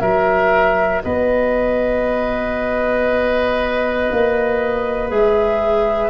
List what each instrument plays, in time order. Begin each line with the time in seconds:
0.00 tuba F#3, clarinet F#4, oboe A#4, flute E5
1.03 tuba B3, oboe B4, flute D#5
4.11 tuba A#3
5.09 tuba G#3, clarinet G#4, flute E5